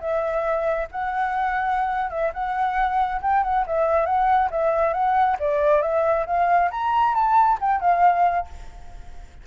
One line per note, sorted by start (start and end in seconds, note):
0.00 0.88 E5
0.91 2.10 F#5
2.10 2.32 E5
2.33 3.21 F#5
3.21 3.43 G5
3.43 3.65 F#5
3.66 4.06 E5
4.06 4.49 F#5
4.50 4.93 E5
4.93 5.37 F#5
5.39 5.82 D5
5.82 6.25 E5
6.26 6.70 F5
6.71 7.14 A#5
7.14 7.58 A5
7.60 7.81 G5
7.81 8.46 F5